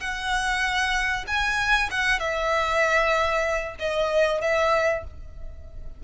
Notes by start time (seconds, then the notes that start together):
0.00 F#5
1.27 G#5
1.90 F#5
2.19 E5
3.79 D#5
4.41 E5